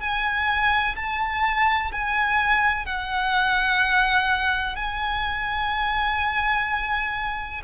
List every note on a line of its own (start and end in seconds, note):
0.00 0.95 G#5
0.96 1.91 A5
1.92 2.86 G#5
2.86 4.76 F#5
4.76 7.61 G#5